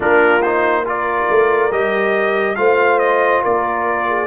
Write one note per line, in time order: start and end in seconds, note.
0.00 1.24 A#3
0.00 0.40 D4
0.00 0.83 F4
0.00 0.42 A#4
0.42 0.85 D#4
0.42 0.85 C5
0.85 1.70 F4
0.85 2.57 A#4
0.85 1.72 D5
1.28 1.71 A3
1.71 2.57 G3
1.71 2.56 G4
1.71 2.55 D#5
2.55 3.43 A3
2.55 4.27 F4
2.55 3.43 C5
2.55 2.98 F5
2.99 3.41 D#5
3.43 4.27 A#3
3.43 4.07 A#4
3.43 4.27 D5
4.07 4.27 G#4